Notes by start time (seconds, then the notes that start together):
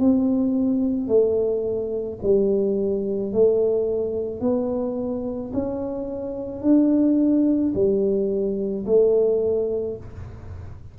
0.00 C4
1.09 A3
2.23 G3
3.33 A3
4.41 B3
5.54 C#4
6.63 D4
7.75 G3
8.86 A3